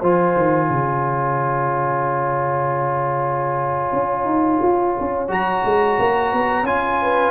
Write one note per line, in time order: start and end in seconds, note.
0.00 0.36 F3
0.00 5.28 F4
0.00 0.67 C5
0.00 5.31 G#5
0.37 0.69 D#3
0.67 3.92 C#3
0.67 6.98 C#5
3.92 4.25 C#4
4.25 4.59 D#4
4.62 4.96 F4
5.00 5.29 C#4
5.28 5.63 F#3
5.28 6.64 F#4
5.28 6.66 A#5
5.64 5.98 G#3
5.99 6.33 A#3
6.33 6.63 B3
6.63 7.30 C#4
6.63 7.30 F4
6.63 7.30 G#5
7.01 7.30 B4